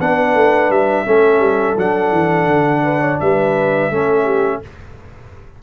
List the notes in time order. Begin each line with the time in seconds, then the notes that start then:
0.00 B3 D4 B4 F#5
0.35 A3
0.70 G3 E5
1.06 A3 C#4 A4
1.40 G3
1.77 F#3 D4 F#5
2.12 E3
2.47 D3
2.84 B4
3.01 C#5
3.20 G3 B4 E5
3.90 A3 C#4 A4
4.25 G4